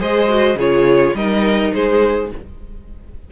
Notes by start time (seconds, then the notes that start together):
0.00 G#3 G#4 C5 D#5
0.29 F#4
0.55 C#3 F4 G#4 C#5
1.14 G3 D#4 A#4 D#5
1.74 G#3 G#4 C5